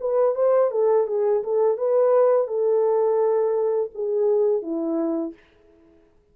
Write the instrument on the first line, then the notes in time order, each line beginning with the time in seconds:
horn
0.00 B4
0.35 C5
0.71 A4
1.07 G#4
1.43 A4
1.78 B4
2.47 A4
3.95 G#4
4.62 E4